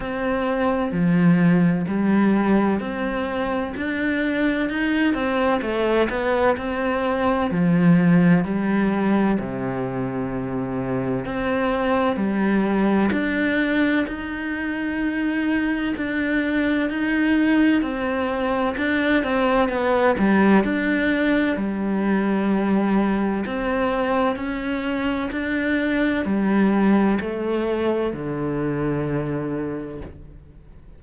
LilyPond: \new Staff \with { instrumentName = "cello" } { \time 4/4 \tempo 4 = 64 c'4 f4 g4 c'4 | d'4 dis'8 c'8 a8 b8 c'4 | f4 g4 c2 | c'4 g4 d'4 dis'4~ |
dis'4 d'4 dis'4 c'4 | d'8 c'8 b8 g8 d'4 g4~ | g4 c'4 cis'4 d'4 | g4 a4 d2 | }